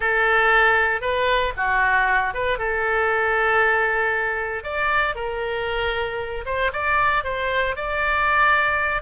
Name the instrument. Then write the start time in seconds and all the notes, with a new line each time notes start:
oboe
0.00 A4
1.01 B4
1.57 F#4
2.33 B4
2.58 A4
4.63 D5
5.15 A#4
6.45 C5
6.72 D5
7.24 C5
7.76 D5